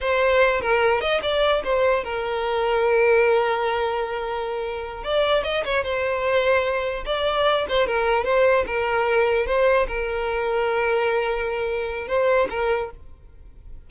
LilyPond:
\new Staff \with { instrumentName = "violin" } { \time 4/4 \tempo 4 = 149 c''4. ais'4 dis''8 d''4 | c''4 ais'2.~ | ais'1~ | ais'8 d''4 dis''8 cis''8 c''4.~ |
c''4. d''4. c''8 ais'8~ | ais'8 c''4 ais'2 c''8~ | c''8 ais'2.~ ais'8~ | ais'2 c''4 ais'4 | }